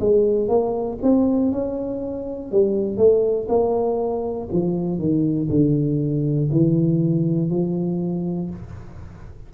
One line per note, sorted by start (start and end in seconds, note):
0.00 0.48 G#3
0.48 0.98 A#3
1.02 1.51 C4
1.51 2.51 C#4
2.51 2.97 G3
2.97 3.47 A3
3.48 4.48 A#3
4.52 4.98 F3
4.98 5.48 D#3
5.50 6.50 D3
6.51 7.50 E3
7.50 8.50 F3